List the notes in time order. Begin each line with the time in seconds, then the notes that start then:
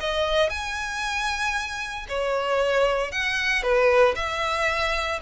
0.00 D#5
0.50 G#5
2.09 C#5
3.12 F#5
3.63 B4
4.16 E5